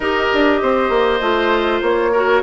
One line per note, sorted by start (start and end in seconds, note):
0.00 0.27 D#4
0.00 1.21 G4
0.00 0.60 A#4
0.00 1.81 D#5
0.33 0.62 D4
0.62 0.89 C4
0.62 2.11 C5
0.89 1.19 A#3
1.20 1.81 A3
1.20 2.12 F4
1.81 2.42 A#3
1.81 2.42 C#5
2.11 2.42 F#4
2.11 2.42 A#4